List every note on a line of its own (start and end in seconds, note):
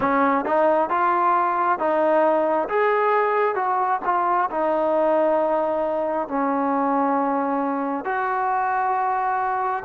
0.00 0.45 C#4
0.45 0.90 D#4
0.90 1.78 F4
1.78 2.68 D#4
2.69 3.55 G#4
3.55 4.00 F#4
4.05 4.49 F4
4.50 6.28 D#4
6.28 8.04 C#4
8.04 9.83 F#4